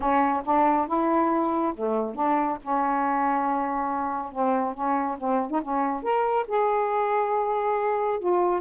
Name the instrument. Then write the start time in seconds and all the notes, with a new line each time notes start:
saxophone
0.00 C#4
0.44 D4
0.87 E4
1.75 A3
2.15 D4
2.62 C#4
4.32 C4
4.74 C#4
5.17 C4
5.50 D#4
5.61 C#4
6.03 A#4
6.47 G#4
8.19 F4